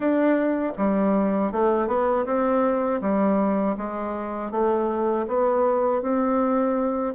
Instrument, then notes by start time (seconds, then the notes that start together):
bassoon
0.00 D4
0.77 G3
1.52 A3
1.87 B3
2.25 C4
3.01 G3
3.77 G#3
4.51 A3
5.27 B3
6.01 C4